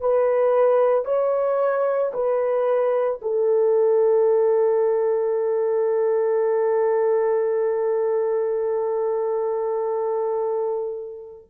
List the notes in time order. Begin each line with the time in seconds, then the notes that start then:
0.00 B4
1.05 C#5
2.13 B4
3.21 A4